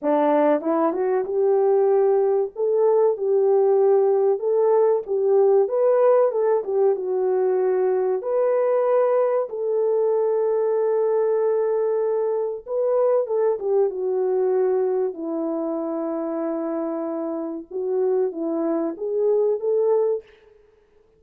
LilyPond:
\new Staff \with { instrumentName = "horn" } { \time 4/4 \tempo 4 = 95 d'4 e'8 fis'8 g'2 | a'4 g'2 a'4 | g'4 b'4 a'8 g'8 fis'4~ | fis'4 b'2 a'4~ |
a'1 | b'4 a'8 g'8 fis'2 | e'1 | fis'4 e'4 gis'4 a'4 | }